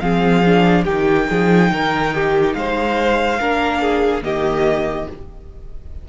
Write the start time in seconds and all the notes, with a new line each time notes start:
0.00 F3 C4 G#4 F5
0.46 D4
0.84 D#3 D#4 G4 G5
1.30 F3 G#4
1.71 D#3 A#4
2.15 G4
2.54 G#3 C5 F5
3.40 A#3 D4 A#4
3.82 G#4
4.23 D#3 A#3 G4 D#5